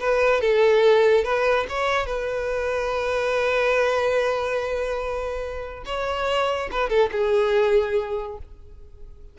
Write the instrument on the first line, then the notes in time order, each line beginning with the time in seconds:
violin
0.00 B4
0.41 A4
1.24 B4
1.69 C#5
2.06 B4
5.85 C#5
6.71 B4
6.89 A4
7.12 G#4